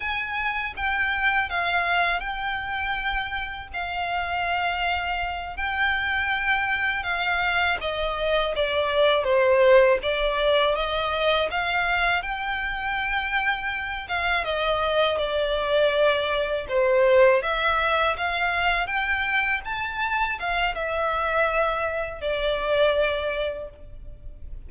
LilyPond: \new Staff \with { instrumentName = "violin" } { \time 4/4 \tempo 4 = 81 gis''4 g''4 f''4 g''4~ | g''4 f''2~ f''8 g''8~ | g''4. f''4 dis''4 d''8~ | d''8 c''4 d''4 dis''4 f''8~ |
f''8 g''2~ g''8 f''8 dis''8~ | dis''8 d''2 c''4 e''8~ | e''8 f''4 g''4 a''4 f''8 | e''2 d''2 | }